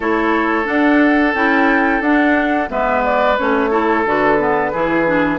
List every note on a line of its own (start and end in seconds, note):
0.00 0.65 A3
0.00 0.64 E4
0.00 2.69 A4
0.00 0.66 C#5
0.64 1.31 D4
0.64 1.34 D4
0.64 1.34 F#5
1.34 2.01 C#4
1.34 2.02 E4
1.34 2.02 G5
2.01 2.68 D4
2.01 2.69 F#5
2.68 3.38 G#3
2.68 3.36 B3
2.68 3.70 B4
2.68 3.03 E5
3.04 3.37 D5
3.37 4.05 A3
3.37 3.71 C#4
3.37 4.05 C#5
3.70 4.04 E4
3.70 4.71 A4
4.05 4.73 D3
4.05 4.38 F#4
4.05 5.39 B4
4.38 4.72 B3
4.72 5.39 E3
4.72 5.06 E4
4.72 5.39 G#4
5.06 5.39 D4